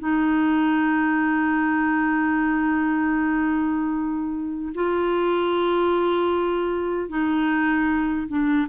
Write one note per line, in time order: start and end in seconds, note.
0.00 4.74 D#4
4.75 7.10 F4
7.10 8.28 D#4
8.28 8.68 D4